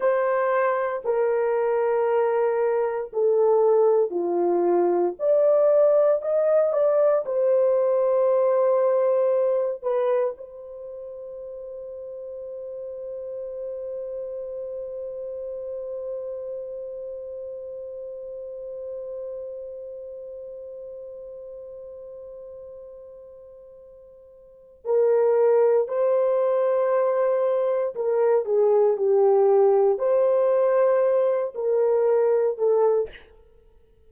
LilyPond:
\new Staff \with { instrumentName = "horn" } { \time 4/4 \tempo 4 = 58 c''4 ais'2 a'4 | f'4 d''4 dis''8 d''8 c''4~ | c''4. b'8 c''2~ | c''1~ |
c''1~ | c''1 | ais'4 c''2 ais'8 gis'8 | g'4 c''4. ais'4 a'8 | }